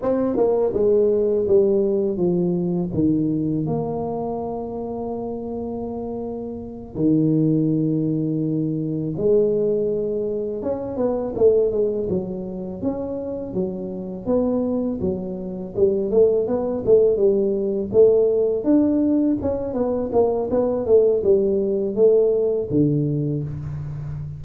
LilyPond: \new Staff \with { instrumentName = "tuba" } { \time 4/4 \tempo 4 = 82 c'8 ais8 gis4 g4 f4 | dis4 ais2.~ | ais4. dis2~ dis8~ | dis8 gis2 cis'8 b8 a8 |
gis8 fis4 cis'4 fis4 b8~ | b8 fis4 g8 a8 b8 a8 g8~ | g8 a4 d'4 cis'8 b8 ais8 | b8 a8 g4 a4 d4 | }